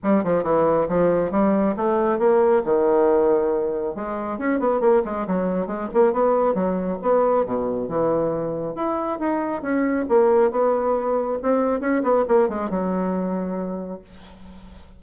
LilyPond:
\new Staff \with { instrumentName = "bassoon" } { \time 4/4 \tempo 4 = 137 g8 f8 e4 f4 g4 | a4 ais4 dis2~ | dis4 gis4 cis'8 b8 ais8 gis8 | fis4 gis8 ais8 b4 fis4 |
b4 b,4 e2 | e'4 dis'4 cis'4 ais4 | b2 c'4 cis'8 b8 | ais8 gis8 fis2. | }